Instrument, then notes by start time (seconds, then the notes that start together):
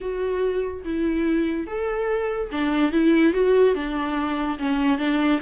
viola
0.00 F#4
0.84 E4
1.66 A4
2.52 D4
2.92 E4
3.33 F#4
3.74 D4
4.58 C#4
4.98 D4